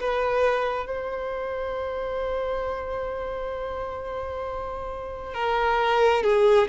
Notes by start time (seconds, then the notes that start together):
0.00 B4
0.87 C5
5.34 A#4
6.24 G#4